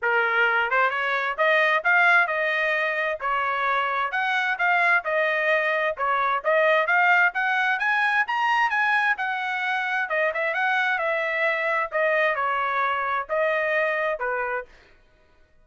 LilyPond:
\new Staff \with { instrumentName = "trumpet" } { \time 4/4 \tempo 4 = 131 ais'4. c''8 cis''4 dis''4 | f''4 dis''2 cis''4~ | cis''4 fis''4 f''4 dis''4~ | dis''4 cis''4 dis''4 f''4 |
fis''4 gis''4 ais''4 gis''4 | fis''2 dis''8 e''8 fis''4 | e''2 dis''4 cis''4~ | cis''4 dis''2 b'4 | }